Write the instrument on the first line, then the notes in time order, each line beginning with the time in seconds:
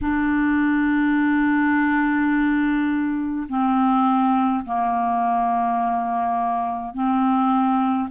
clarinet
0.01 D4
3.49 C4
4.65 A#3
6.93 C4